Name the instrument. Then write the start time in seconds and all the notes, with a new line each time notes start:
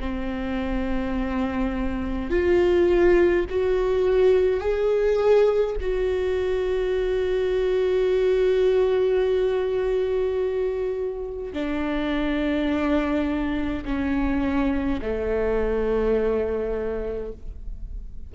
viola
0.00 C4
2.30 F4
3.49 F#4
4.60 G#4
5.81 F#4
11.53 D4
13.85 C#4
15.02 A3